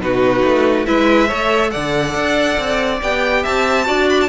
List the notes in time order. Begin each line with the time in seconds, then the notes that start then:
0.00 B2 D#4 F#4 B4
0.44 A3
0.86 G#3 E4 B4 E5
1.28 A3 A4 C#5
1.71 D3 D5 F#5
2.15 D4
2.59 C4
3.02 B3 G4 G5
3.43 C4 E5 A5
3.86 D4 F#4 D5
4.10 B5
4.21 A5